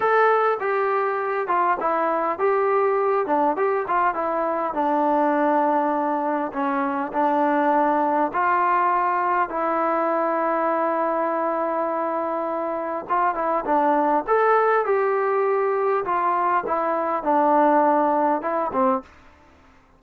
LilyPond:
\new Staff \with { instrumentName = "trombone" } { \time 4/4 \tempo 4 = 101 a'4 g'4. f'8 e'4 | g'4. d'8 g'8 f'8 e'4 | d'2. cis'4 | d'2 f'2 |
e'1~ | e'2 f'8 e'8 d'4 | a'4 g'2 f'4 | e'4 d'2 e'8 c'8 | }